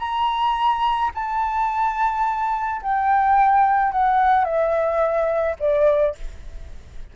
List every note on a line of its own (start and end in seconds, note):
0.00 1.11 A#5
1.15 2.82 A5
2.83 3.92 G5
3.92 4.45 F#5
4.45 5.56 E5
5.60 6.15 D5